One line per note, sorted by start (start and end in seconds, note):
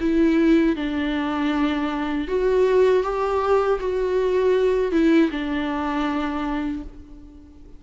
0.00 0.76 E4
0.76 2.28 D4
2.28 3.03 F#4
3.03 3.79 G4
3.79 4.92 F#4
4.92 5.30 E4
5.31 6.83 D4